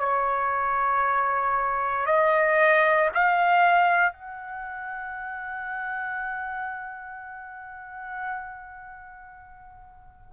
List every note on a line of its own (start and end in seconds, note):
0.00 2.06 C#5
2.06 3.10 D#5
3.15 4.13 F5
4.13 10.34 F#5